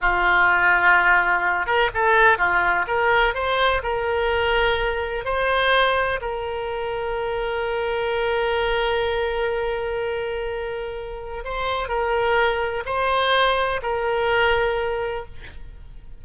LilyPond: \new Staff \with { instrumentName = "oboe" } { \time 4/4 \tempo 4 = 126 f'2.~ f'8 ais'8 | a'4 f'4 ais'4 c''4 | ais'2. c''4~ | c''4 ais'2.~ |
ais'1~ | ais'1 | c''4 ais'2 c''4~ | c''4 ais'2. | }